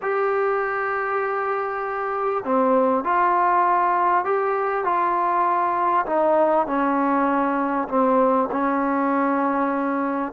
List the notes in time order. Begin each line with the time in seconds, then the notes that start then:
0.02 G4
2.44 C4
3.03 F4
4.25 G4
4.84 F4
6.06 D#4
6.67 C#4
7.88 C4
8.51 C#4